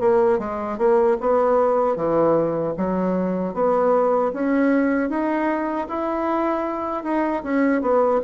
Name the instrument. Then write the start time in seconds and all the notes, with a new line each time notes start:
bassoon
0.00 A#3
0.39 G#3
0.78 A#3
1.20 B3
1.96 E3
2.77 F#3
3.54 B3
4.34 C#4
5.10 D#4
5.88 E4
7.04 D#4
7.43 C#4
7.82 B3